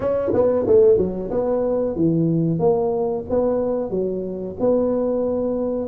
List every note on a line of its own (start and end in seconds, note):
0.00 0.31 C#4
0.33 0.66 B3
0.66 0.97 A3
0.97 1.30 F#3
1.30 1.95 B3
1.95 2.59 E3
2.59 3.24 A#3
3.29 3.90 B3
3.90 4.55 F#3
4.59 5.88 B3